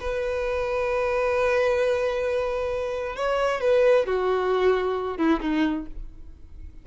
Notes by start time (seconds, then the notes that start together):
0.00 B4
3.16 C#5
3.61 B4
4.06 F#4
5.17 E4
5.41 D#4